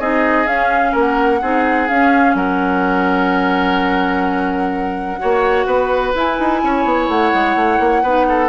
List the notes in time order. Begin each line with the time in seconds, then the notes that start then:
0.00 C4 D#4 G#4 D#5
0.47 C#4 F5
0.92 A#3 A#4
1.00 F#5
1.42 C4 D#4 G#4
1.89 C#4 F5
2.35 F#3 A#4 F#5
5.19 A#3 F#4 C#5
5.66 B3 B4
6.16 E4 G#5
6.39 D#4
6.64 C#4 C#5
6.85 B3
7.09 A3 F#5
7.34 G#3
7.56 A3
7.80 A#3
8.03 B3 D#4 B4
8.29 A4